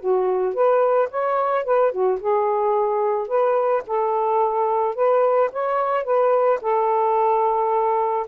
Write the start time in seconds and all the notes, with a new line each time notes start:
0.00 F#4
0.54 B4
1.11 C#5
1.65 B4
1.92 F#4
2.20 G#4
3.28 B4
3.87 A4
4.95 B4
5.52 C#5
6.04 B4
6.61 A4